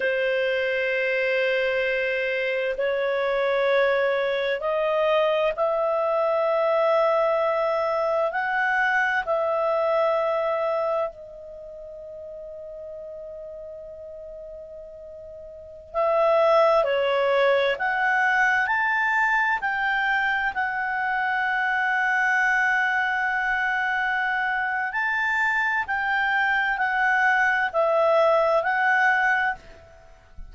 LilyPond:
\new Staff \with { instrumentName = "clarinet" } { \time 4/4 \tempo 4 = 65 c''2. cis''4~ | cis''4 dis''4 e''2~ | e''4 fis''4 e''2 | dis''1~ |
dis''4~ dis''16 e''4 cis''4 fis''8.~ | fis''16 a''4 g''4 fis''4.~ fis''16~ | fis''2. a''4 | g''4 fis''4 e''4 fis''4 | }